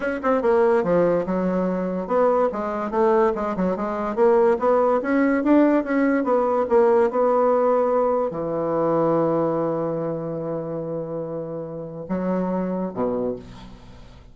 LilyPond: \new Staff \with { instrumentName = "bassoon" } { \time 4/4 \tempo 4 = 144 cis'8 c'8 ais4 f4 fis4~ | fis4 b4 gis4 a4 | gis8 fis8 gis4 ais4 b4 | cis'4 d'4 cis'4 b4 |
ais4 b2. | e1~ | e1~ | e4 fis2 b,4 | }